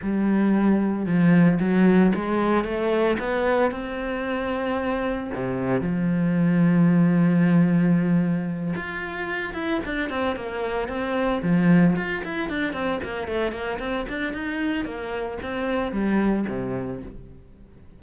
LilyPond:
\new Staff \with { instrumentName = "cello" } { \time 4/4 \tempo 4 = 113 g2 f4 fis4 | gis4 a4 b4 c'4~ | c'2 c4 f4~ | f1~ |
f8 f'4. e'8 d'8 c'8 ais8~ | ais8 c'4 f4 f'8 e'8 d'8 | c'8 ais8 a8 ais8 c'8 d'8 dis'4 | ais4 c'4 g4 c4 | }